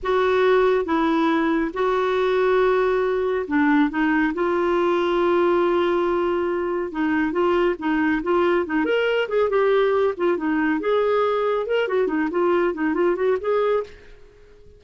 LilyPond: \new Staff \with { instrumentName = "clarinet" } { \time 4/4 \tempo 4 = 139 fis'2 e'2 | fis'1 | d'4 dis'4 f'2~ | f'1 |
dis'4 f'4 dis'4 f'4 | dis'8 ais'4 gis'8 g'4. f'8 | dis'4 gis'2 ais'8 fis'8 | dis'8 f'4 dis'8 f'8 fis'8 gis'4 | }